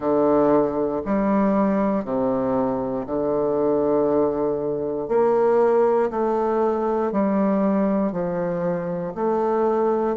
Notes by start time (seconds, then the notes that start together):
0.00 D3
1.05 G3
2.04 C3
3.06 D3
5.08 A#3
6.10 A3
7.12 G3
8.11 F3
9.14 A3